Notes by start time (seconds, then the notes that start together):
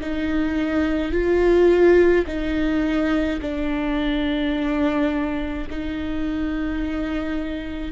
0.00 D#4
1.12 F4
2.26 D#4
3.41 D4
5.70 D#4